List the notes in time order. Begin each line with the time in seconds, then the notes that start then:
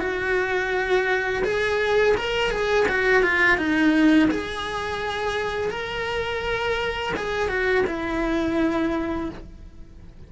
0.00 F#4
1.44 G#4
2.17 A#4
2.51 G#4
2.89 F#4
3.23 F4
3.57 D#4
4.31 G#4
5.70 A#4
7.17 G#4
7.49 F#4
7.87 E4